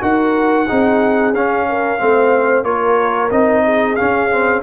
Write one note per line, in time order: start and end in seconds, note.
0.00 0.68 D#4
0.00 0.66 F#4
0.00 0.67 A#4
0.00 1.34 F#5
0.67 1.33 C4
0.67 1.34 D#4
0.67 1.66 G#4
1.33 1.99 C#4
1.33 1.98 C#4
1.33 2.64 F5
1.68 2.01 A#4
1.98 2.63 A3
1.98 2.64 C4
1.98 2.65 C5
2.63 3.29 A#3
2.63 3.30 F4
2.63 3.64 A#4
2.63 3.30 C#5
3.31 3.97 C4
3.31 3.97 D#4
3.31 3.95 D#5
3.64 4.62 G#4
3.95 4.30 C#4
3.95 4.62 C#4
3.95 4.61 F5
4.30 4.62 C4